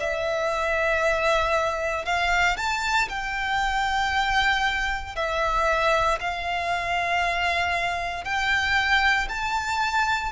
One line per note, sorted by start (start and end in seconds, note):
0.00 2.05 E5
2.05 2.57 F5
2.57 3.08 A5
3.09 5.15 G5
5.15 6.19 E5
6.20 8.24 F5
8.24 9.28 G5
9.29 10.32 A5